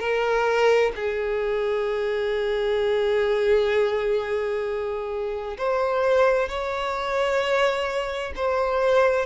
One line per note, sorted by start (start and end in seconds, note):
0.00 0.92 A#4
0.96 5.57 G#4
5.58 6.49 C5
6.49 8.33 C#5
8.36 9.26 C5